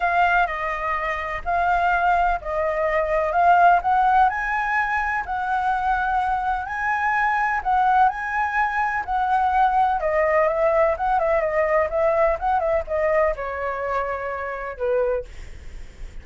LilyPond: \new Staff \with { instrumentName = "flute" } { \time 4/4 \tempo 4 = 126 f''4 dis''2 f''4~ | f''4 dis''2 f''4 | fis''4 gis''2 fis''4~ | fis''2 gis''2 |
fis''4 gis''2 fis''4~ | fis''4 dis''4 e''4 fis''8 e''8 | dis''4 e''4 fis''8 e''8 dis''4 | cis''2. b'4 | }